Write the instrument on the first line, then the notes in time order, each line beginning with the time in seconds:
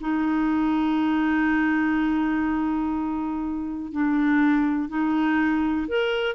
clarinet
0.00 D#4
3.92 D4
4.89 D#4
5.87 A#4